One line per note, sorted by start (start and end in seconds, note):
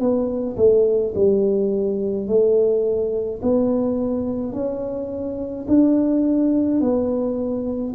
0.00 0.57 B3
0.57 1.14 A3
1.15 2.27 G3
2.27 3.41 A3
3.42 4.53 B3
4.53 5.66 C#4
5.68 6.81 D4
6.81 7.94 B3